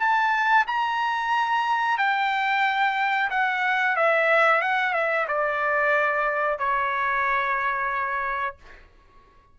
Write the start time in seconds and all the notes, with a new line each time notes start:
0.00 A5
0.67 A#5
1.98 G5
3.31 F#5
3.97 E5
4.62 F#5
4.94 E5
5.28 D5
6.59 C#5